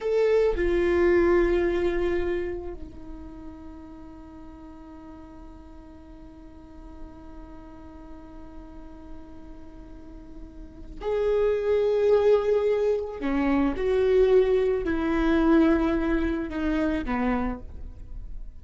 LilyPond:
\new Staff \with { instrumentName = "viola" } { \time 4/4 \tempo 4 = 109 a'4 f'2.~ | f'4 dis'2.~ | dis'1~ | dis'1~ |
dis'1 | gis'1 | cis'4 fis'2 e'4~ | e'2 dis'4 b4 | }